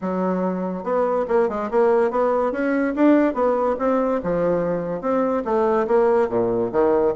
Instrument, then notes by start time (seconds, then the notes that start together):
bassoon
0.01 F#3
0.83 B3
1.28 A#3
1.48 G#3
1.70 A#3
2.11 B3
2.52 C#4
2.95 D4
3.34 B3
3.78 C4
4.23 F3
5.01 C4
5.45 A3
5.87 A#3
6.28 A#2
6.72 D#3